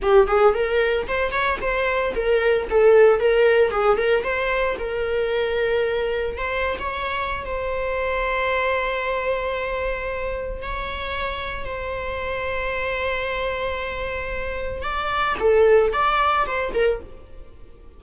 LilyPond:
\new Staff \with { instrumentName = "viola" } { \time 4/4 \tempo 4 = 113 g'8 gis'8 ais'4 c''8 cis''8 c''4 | ais'4 a'4 ais'4 gis'8 ais'8 | c''4 ais'2. | c''8. cis''4~ cis''16 c''2~ |
c''1 | cis''2 c''2~ | c''1 | d''4 a'4 d''4 c''8 ais'8 | }